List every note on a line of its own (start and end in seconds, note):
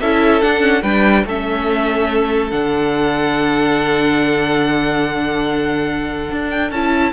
0.00 0.43 C#4
0.00 0.42 E4
0.00 0.82 A4
0.00 0.42 E5
0.42 0.60 D4
0.42 0.83 D4
0.42 0.82 F#5
0.60 0.81 C#4
0.82 1.25 G3
0.82 1.26 D4
0.82 1.24 B4
0.82 1.24 G5
1.25 2.51 A3
1.25 2.51 C#4
1.25 7.13 A4
1.25 2.51 E5
2.51 6.30 D3
2.51 6.70 D4
2.51 6.49 F#5
6.31 6.71 D4
6.50 6.71 G5
6.71 7.13 C#4
6.71 7.13 E4
6.71 7.13 A5